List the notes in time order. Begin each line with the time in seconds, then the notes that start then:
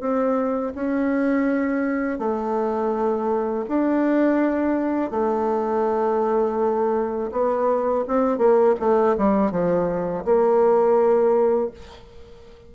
0.00 C4
0.75 C#4
2.19 A3
3.68 D4
5.11 A3
7.31 B3
8.08 C4
8.38 A#3
8.79 A3
9.18 G3
9.51 F3
10.24 A#3